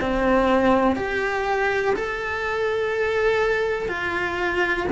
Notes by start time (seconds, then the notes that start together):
0.00 C4
0.96 G4
1.95 A4
3.89 F4